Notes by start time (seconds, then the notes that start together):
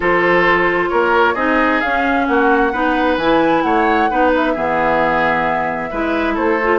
0.00 F3 F4 A4 C5
0.89 A#3 A#4 C#5
1.34 C4 D#4 G#4 D#5
1.80 C#4 F5
2.26 A#3 F#4 F#5
2.72 B3 D#4 B4
3.17 E3 E4 G#5
3.62 A3 C#5 F#5
4.10 B3 D#4 B4
4.35 E5
4.53 E3 B3 G#4
5.90 G#3 E4 B4
6.34 A3 A4 C5
6.62 F4